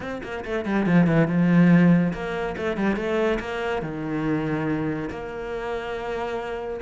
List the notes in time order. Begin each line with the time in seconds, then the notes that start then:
0.00 C4
0.23 A#3
0.44 A3
0.65 G3
0.85 F3
1.06 E3
1.27 F3
2.13 A#3
2.57 A3
2.76 G3
2.96 A3
3.39 A#3
3.82 D#3
5.10 A#3